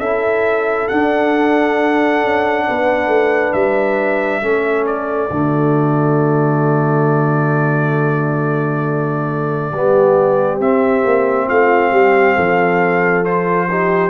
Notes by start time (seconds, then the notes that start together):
0.00 C#4 E4 A4 E5
0.88 D4 F#5
2.24 C#4
2.67 B3 B4
3.08 A3
3.53 G3 E5
4.42 A3 C#4 A4
4.87 D5
5.31 D3 A3 F#4
9.72 G3 B3 G4
10.60 C4 E5
11.05 A#3
11.48 A3 F4 F5
11.92 G3 G4
12.36 F3 A4
13.25 F4 C5
13.70 D#4 G4